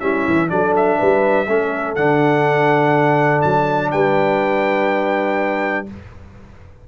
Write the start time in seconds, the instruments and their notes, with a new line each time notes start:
0.00 tuba G3, trombone C#4, horn E4, trumpet E5
0.27 tuba E3
0.49 tuba F#3, trombone D4, horn A4, trumpet D5
0.76 trumpet E5
0.99 tuba G3, horn B4
1.48 tuba A3, trombone C#4, horn A4
1.95 tuba D3, trombone D4, trumpet F#5
3.42 tuba F#3, trumpet A5
3.91 tuba G3, horn B4, trumpet G5